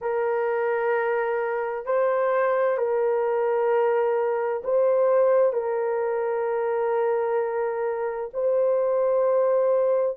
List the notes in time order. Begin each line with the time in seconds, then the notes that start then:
0.01 A#4
1.85 C5
2.77 A#4
4.64 C5
5.53 A#4
8.33 C5